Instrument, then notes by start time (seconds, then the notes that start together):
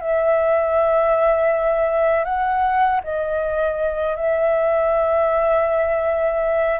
flute
0.00 E5
2.24 F#5
3.04 D#5
4.16 E5